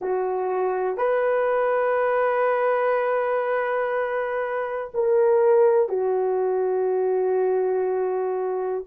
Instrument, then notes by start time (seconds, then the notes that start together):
horn
0.01 F#4
0.97 B4
4.94 A#4
5.88 F#4